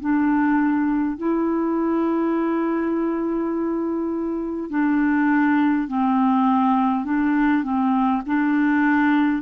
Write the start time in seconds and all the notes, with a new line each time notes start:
0.00 D4
1.17 E4
4.70 D4
5.88 C4
7.05 D4
7.63 C4
8.26 D4